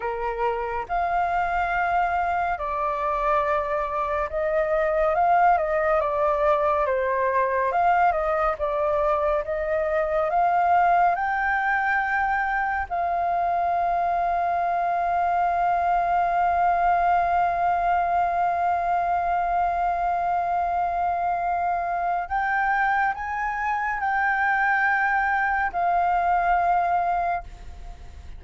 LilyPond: \new Staff \with { instrumentName = "flute" } { \time 4/4 \tempo 4 = 70 ais'4 f''2 d''4~ | d''4 dis''4 f''8 dis''8 d''4 | c''4 f''8 dis''8 d''4 dis''4 | f''4 g''2 f''4~ |
f''1~ | f''1~ | f''2 g''4 gis''4 | g''2 f''2 | }